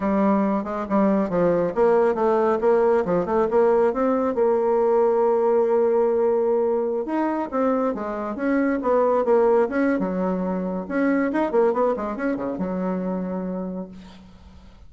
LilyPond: \new Staff \with { instrumentName = "bassoon" } { \time 4/4 \tempo 4 = 138 g4. gis8 g4 f4 | ais4 a4 ais4 f8 a8 | ais4 c'4 ais2~ | ais1~ |
ais16 dis'4 c'4 gis4 cis'8.~ | cis'16 b4 ais4 cis'8. fis4~ | fis4 cis'4 dis'8 ais8 b8 gis8 | cis'8 cis8 fis2. | }